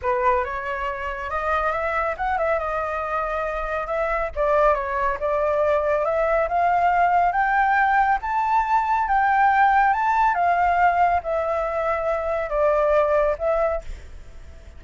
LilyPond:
\new Staff \with { instrumentName = "flute" } { \time 4/4 \tempo 4 = 139 b'4 cis''2 dis''4 | e''4 fis''8 e''8 dis''2~ | dis''4 e''4 d''4 cis''4 | d''2 e''4 f''4~ |
f''4 g''2 a''4~ | a''4 g''2 a''4 | f''2 e''2~ | e''4 d''2 e''4 | }